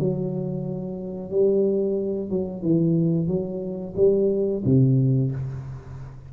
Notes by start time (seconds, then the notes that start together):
0.00 F#3
1.31 G3
2.30 F#3
2.63 E3
3.28 F#3
3.97 G3
4.65 C3